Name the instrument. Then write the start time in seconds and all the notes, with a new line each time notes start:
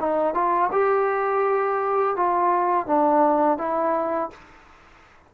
trombone
0.00 D#4
0.35 F4
0.72 G4
2.17 F4
2.87 D4
3.58 E4